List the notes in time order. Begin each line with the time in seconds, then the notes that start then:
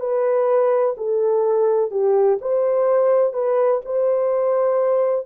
0.00 B4
0.97 A4
1.90 G4
2.41 C5
3.33 B4
3.85 C5